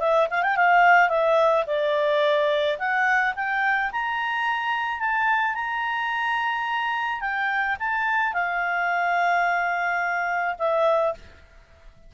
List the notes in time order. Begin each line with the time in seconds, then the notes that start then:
0.00 E5
0.30 F5
0.42 G5
0.56 F5
1.09 E5
1.67 D5
2.79 F#5
3.35 G5
3.92 A#5
5.00 A5
5.55 A#5
7.20 G5
7.80 A5
8.33 F5
10.59 E5